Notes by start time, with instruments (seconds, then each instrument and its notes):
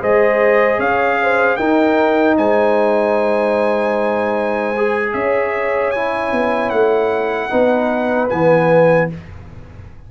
0.00 tuba G#3, trombone G#4, horn C5, trumpet D#5
0.79 tuba C#4, horn C#5, trumpet F5
1.22 horn C5
1.56 tuba D#4, trombone D#4, horn A#4, trumpet G5
2.37 tuba G#3, horn C5, trumpet G#5
4.77 trombone G#4
5.13 tuba C#4, horn C#5, trumpet E5
5.91 trombone E4, trumpet G#5
6.32 tuba B3
6.70 tuba A3, trumpet F#5
7.50 tuba B3, trombone D#4, horn B4
8.29 tuba E3, trombone B3, trumpet G#5